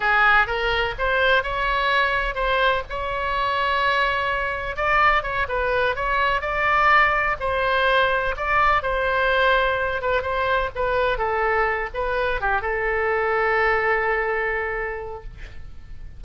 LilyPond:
\new Staff \with { instrumentName = "oboe" } { \time 4/4 \tempo 4 = 126 gis'4 ais'4 c''4 cis''4~ | cis''4 c''4 cis''2~ | cis''2 d''4 cis''8 b'8~ | b'8 cis''4 d''2 c''8~ |
c''4. d''4 c''4.~ | c''4 b'8 c''4 b'4 a'8~ | a'4 b'4 g'8 a'4.~ | a'1 | }